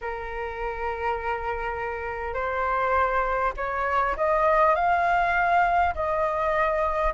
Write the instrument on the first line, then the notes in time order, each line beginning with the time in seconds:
flute
0.01 A#4
2.33 C5
3.56 C#5
4.16 D#5
4.75 F5
5.94 D#5